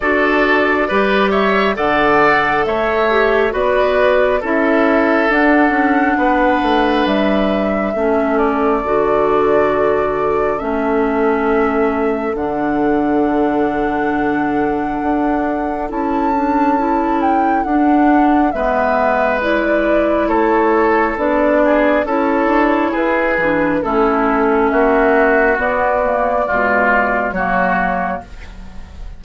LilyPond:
<<
  \new Staff \with { instrumentName = "flute" } { \time 4/4 \tempo 4 = 68 d''4. e''8 fis''4 e''4 | d''4 e''4 fis''2 | e''4. d''2~ d''8 | e''2 fis''2~ |
fis''2 a''4. g''8 | fis''4 e''4 d''4 cis''4 | d''4 cis''4 b'4 a'4 | e''4 d''2 cis''4 | }
  \new Staff \with { instrumentName = "oboe" } { \time 4/4 a'4 b'8 cis''8 d''4 cis''4 | b'4 a'2 b'4~ | b'4 a'2.~ | a'1~ |
a'1~ | a'4 b'2 a'4~ | a'8 gis'8 a'4 gis'4 e'4 | fis'2 f'4 fis'4 | }
  \new Staff \with { instrumentName = "clarinet" } { \time 4/4 fis'4 g'4 a'4. g'8 | fis'4 e'4 d'2~ | d'4 cis'4 fis'2 | cis'2 d'2~ |
d'2 e'8 d'8 e'4 | d'4 b4 e'2 | d'4 e'4. d'8 cis'4~ | cis'4 b8 ais8 gis4 ais4 | }
  \new Staff \with { instrumentName = "bassoon" } { \time 4/4 d'4 g4 d4 a4 | b4 cis'4 d'8 cis'8 b8 a8 | g4 a4 d2 | a2 d2~ |
d4 d'4 cis'2 | d'4 gis2 a4 | b4 cis'8 d'8 e'8 e8 a4 | ais4 b4 b,4 fis4 | }
>>